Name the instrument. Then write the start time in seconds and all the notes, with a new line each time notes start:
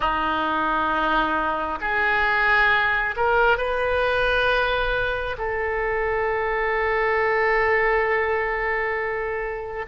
oboe
0.00 D#4
1.81 G#4
3.16 A#4
3.57 B4
5.37 A4